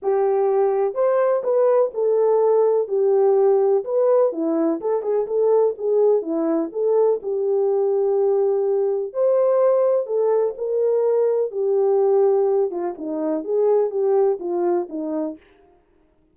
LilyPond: \new Staff \with { instrumentName = "horn" } { \time 4/4 \tempo 4 = 125 g'2 c''4 b'4 | a'2 g'2 | b'4 e'4 a'8 gis'8 a'4 | gis'4 e'4 a'4 g'4~ |
g'2. c''4~ | c''4 a'4 ais'2 | g'2~ g'8 f'8 dis'4 | gis'4 g'4 f'4 dis'4 | }